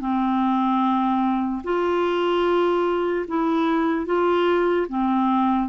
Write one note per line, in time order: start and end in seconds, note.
0.00 1.62 C4
1.64 3.26 F4
3.28 4.06 E4
4.06 4.87 F4
4.89 5.69 C4